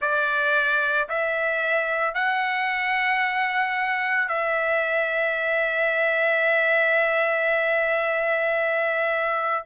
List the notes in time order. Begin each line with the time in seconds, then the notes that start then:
0.01 D5
1.08 E5
2.14 F#5
4.28 E5